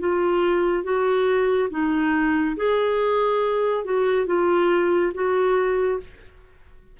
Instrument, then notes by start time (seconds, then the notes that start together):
clarinet
0.00 F4
0.84 F#4
1.71 D#4
2.57 G#4
3.85 F#4
4.27 F4
5.14 F#4